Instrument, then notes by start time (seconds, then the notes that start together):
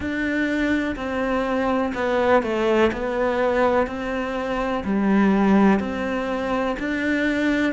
cello
0.00 D4
0.96 C4
1.94 B3
2.42 A3
2.92 B3
3.87 C4
4.84 G3
5.79 C4
6.79 D4